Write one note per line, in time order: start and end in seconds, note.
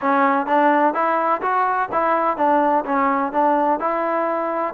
0.01 0.46 C#4
0.46 0.93 D4
0.94 1.41 E4
1.41 1.89 F#4
1.92 2.37 E4
2.37 2.84 D4
2.85 3.32 C#4
3.32 3.79 D4
3.79 4.74 E4